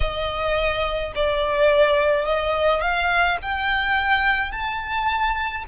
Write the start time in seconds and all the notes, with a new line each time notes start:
0.00 D#5
1.15 D5
2.25 D#5
2.81 F5
3.42 G5
4.51 A5